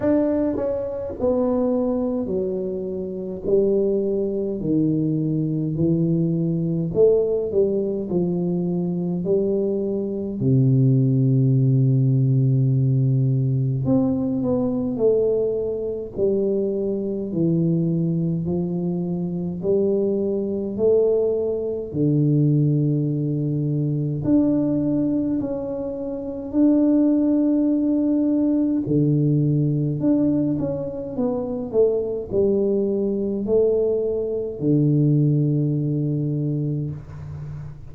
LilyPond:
\new Staff \with { instrumentName = "tuba" } { \time 4/4 \tempo 4 = 52 d'8 cis'8 b4 fis4 g4 | dis4 e4 a8 g8 f4 | g4 c2. | c'8 b8 a4 g4 e4 |
f4 g4 a4 d4~ | d4 d'4 cis'4 d'4~ | d'4 d4 d'8 cis'8 b8 a8 | g4 a4 d2 | }